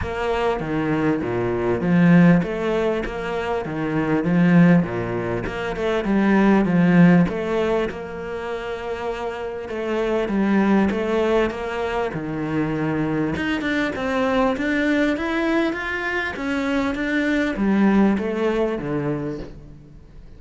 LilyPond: \new Staff \with { instrumentName = "cello" } { \time 4/4 \tempo 4 = 99 ais4 dis4 ais,4 f4 | a4 ais4 dis4 f4 | ais,4 ais8 a8 g4 f4 | a4 ais2. |
a4 g4 a4 ais4 | dis2 dis'8 d'8 c'4 | d'4 e'4 f'4 cis'4 | d'4 g4 a4 d4 | }